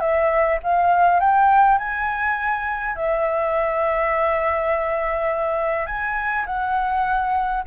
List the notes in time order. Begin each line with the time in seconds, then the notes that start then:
0.00 E5
0.63 F5
1.20 G5
1.78 G#5
2.96 E5
5.87 G#5
6.46 F#5